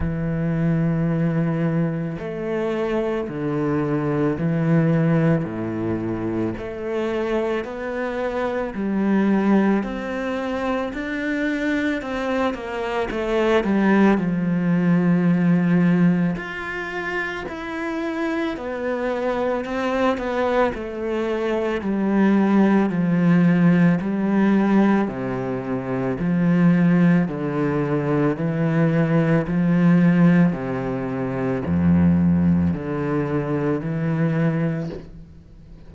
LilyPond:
\new Staff \with { instrumentName = "cello" } { \time 4/4 \tempo 4 = 55 e2 a4 d4 | e4 a,4 a4 b4 | g4 c'4 d'4 c'8 ais8 | a8 g8 f2 f'4 |
e'4 b4 c'8 b8 a4 | g4 f4 g4 c4 | f4 d4 e4 f4 | c4 f,4 d4 e4 | }